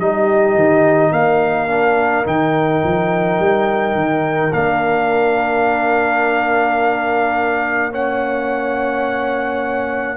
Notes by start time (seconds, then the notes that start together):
0.00 G3 D#4 G4 D#5
0.55 D#3
1.12 A#3 A#4 F5
1.68 D4
2.25 D#3 D#4 G5
2.84 F3
3.40 G3
3.96 D#3
4.53 A#3 D4 F5
7.91 C#4 C#5 F#5